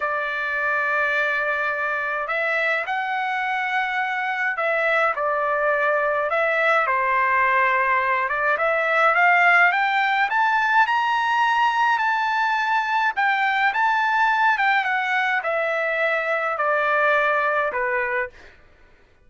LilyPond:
\new Staff \with { instrumentName = "trumpet" } { \time 4/4 \tempo 4 = 105 d''1 | e''4 fis''2. | e''4 d''2 e''4 | c''2~ c''8 d''8 e''4 |
f''4 g''4 a''4 ais''4~ | ais''4 a''2 g''4 | a''4. g''8 fis''4 e''4~ | e''4 d''2 b'4 | }